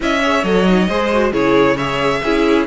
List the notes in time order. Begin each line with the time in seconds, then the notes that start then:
0.00 C#4 E4 D#5 E5
0.21 G#4 C#5
0.43 F#3 A4 D#5
0.68 D#4
0.88 G#3 G#4 C5
1.12 F#4
1.32 C#3 E4 G#4 C#5
1.76 G#4 C#5 E5
2.23 C#4 E4 G#4